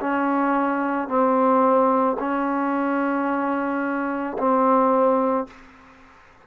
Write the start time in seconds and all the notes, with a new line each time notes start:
0.00 C#4
1.08 C4
2.19 C#4
4.38 C4